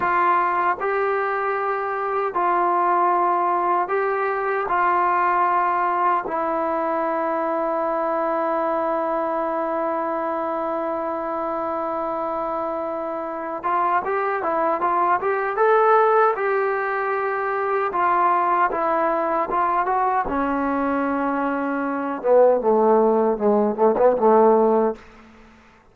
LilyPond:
\new Staff \with { instrumentName = "trombone" } { \time 4/4 \tempo 4 = 77 f'4 g'2 f'4~ | f'4 g'4 f'2 | e'1~ | e'1~ |
e'4. f'8 g'8 e'8 f'8 g'8 | a'4 g'2 f'4 | e'4 f'8 fis'8 cis'2~ | cis'8 b8 a4 gis8 a16 b16 a4 | }